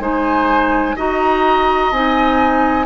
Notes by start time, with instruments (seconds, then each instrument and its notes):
0.00 bassoon G#3, clarinet D#4, oboe C5, flute G#5
0.96 bassoon D#4, clarinet F#4, oboe D#5, flute A#5
1.92 bassoon C4, clarinet D#4, flute G#5